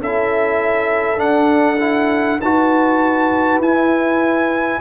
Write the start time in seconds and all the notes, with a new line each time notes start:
0.00 C#4 E4 A4 E5
1.17 D4 F#5
1.79 E4
2.41 D#4 F#4 B4 A5
3.59 E4 G#5